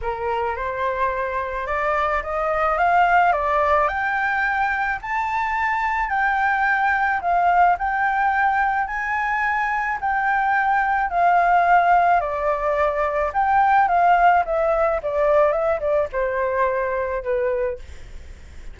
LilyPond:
\new Staff \with { instrumentName = "flute" } { \time 4/4 \tempo 4 = 108 ais'4 c''2 d''4 | dis''4 f''4 d''4 g''4~ | g''4 a''2 g''4~ | g''4 f''4 g''2 |
gis''2 g''2 | f''2 d''2 | g''4 f''4 e''4 d''4 | e''8 d''8 c''2 b'4 | }